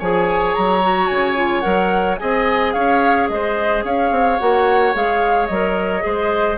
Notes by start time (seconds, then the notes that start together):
0.00 F3 G#4 C#5 G#5
0.55 F#3 A#5
0.82 F#4
1.08 C#3 G#5
1.36 F4
1.61 F#3 A#4 F#5
2.18 C4 G#4 D#5 G#5
2.73 C#4 C#5 F5
3.29 G#3 C5 D#5
3.84 C#4 C#5 F5
4.11 C4
4.39 A#3 F#4 F#5
4.94 G#3 G#4 F5
5.47 F#3 A#4 D#5
6.01 G#3 G#4 C5